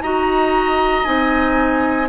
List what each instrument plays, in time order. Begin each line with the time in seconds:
0.00 bassoon D#4, clarinet F#4, oboe D#5, flute A#5
1.04 bassoon C4, clarinet D#4, flute G#5